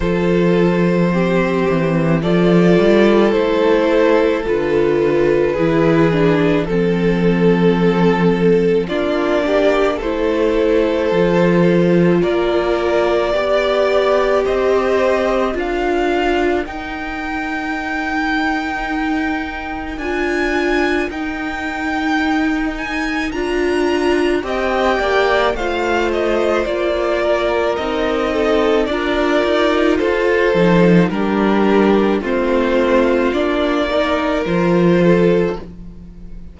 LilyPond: <<
  \new Staff \with { instrumentName = "violin" } { \time 4/4 \tempo 4 = 54 c''2 d''4 c''4 | b'2 a'2 | d''4 c''2 d''4~ | d''4 dis''4 f''4 g''4~ |
g''2 gis''4 g''4~ | g''8 gis''8 ais''4 g''4 f''8 dis''8 | d''4 dis''4 d''4 c''4 | ais'4 c''4 d''4 c''4 | }
  \new Staff \with { instrumentName = "violin" } { \time 4/4 a'4 g'4 a'2~ | a'4 gis'4 a'2 | f'8 g'8 a'2 ais'4 | d''4 c''4 ais'2~ |
ais'1~ | ais'2 dis''8 d''8 c''4~ | c''8 ais'4 a'8 ais'4 a'4 | g'4 f'4. ais'4 a'8 | }
  \new Staff \with { instrumentName = "viola" } { \time 4/4 f'4 c'4 f'4 e'4 | f'4 e'8 d'8 c'2 | d'4 e'4 f'2 | g'2 f'4 dis'4~ |
dis'2 f'4 dis'4~ | dis'4 f'4 g'4 f'4~ | f'4 dis'4 f'4. dis'8 | d'4 c'4 d'8 dis'8 f'4 | }
  \new Staff \with { instrumentName = "cello" } { \time 4/4 f4. e8 f8 g8 a4 | d4 e4 f2 | ais4 a4 f4 ais4 | b4 c'4 d'4 dis'4~ |
dis'2 d'4 dis'4~ | dis'4 d'4 c'8 ais8 a4 | ais4 c'4 d'8 dis'8 f'8 f8 | g4 a4 ais4 f4 | }
>>